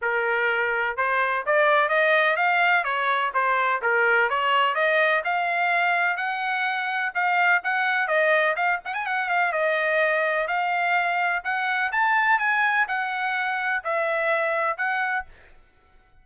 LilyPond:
\new Staff \with { instrumentName = "trumpet" } { \time 4/4 \tempo 4 = 126 ais'2 c''4 d''4 | dis''4 f''4 cis''4 c''4 | ais'4 cis''4 dis''4 f''4~ | f''4 fis''2 f''4 |
fis''4 dis''4 f''8 fis''16 gis''16 fis''8 f''8 | dis''2 f''2 | fis''4 a''4 gis''4 fis''4~ | fis''4 e''2 fis''4 | }